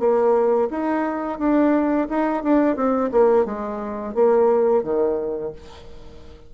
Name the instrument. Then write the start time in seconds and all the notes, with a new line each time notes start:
bassoon
0.00 A#3
0.71 D#4
1.39 D4
2.09 D#4
2.43 D4
2.76 C4
3.12 A#3
3.46 G#3
4.14 A#3
4.84 D#3